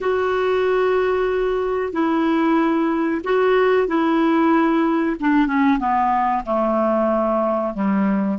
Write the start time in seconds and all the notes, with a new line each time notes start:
0.00 F#4
1.92 E4
3.24 F#4
3.87 E4
5.19 D4
5.46 C#4
5.79 B3
6.45 A3
7.74 G3